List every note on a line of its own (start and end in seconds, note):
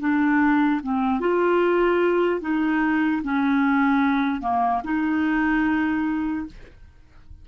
0.00 0.81 D4
0.83 1.20 C4
1.20 2.41 F4
2.41 3.22 D#4
3.23 4.41 C#4
4.41 4.82 A#3
4.84 6.46 D#4